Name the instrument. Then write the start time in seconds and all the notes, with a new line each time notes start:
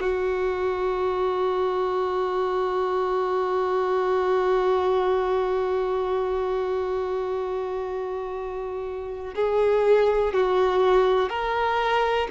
violin
0.00 F#4
9.35 G#4
10.33 F#4
11.29 A#4